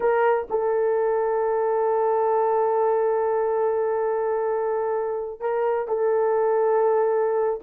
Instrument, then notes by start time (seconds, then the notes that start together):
horn
0.00 A#4
0.50 A4
5.40 A#4
5.88 A4